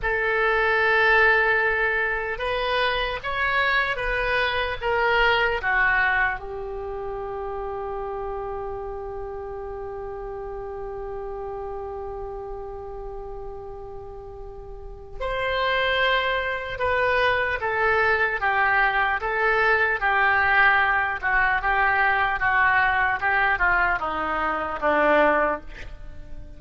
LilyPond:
\new Staff \with { instrumentName = "oboe" } { \time 4/4 \tempo 4 = 75 a'2. b'4 | cis''4 b'4 ais'4 fis'4 | g'1~ | g'1~ |
g'2. c''4~ | c''4 b'4 a'4 g'4 | a'4 g'4. fis'8 g'4 | fis'4 g'8 f'8 dis'4 d'4 | }